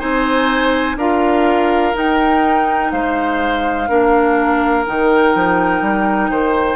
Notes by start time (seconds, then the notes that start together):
0.00 C4 D#4 C5 G#5
0.96 D4 F4 A#4 F5
1.94 D#4 G5
2.92 G#3 C5 F5
3.89 A#3 D4 A#4
4.86 D#3 D#4 G5
5.35 F3
5.82 G3
6.31 D#3 C5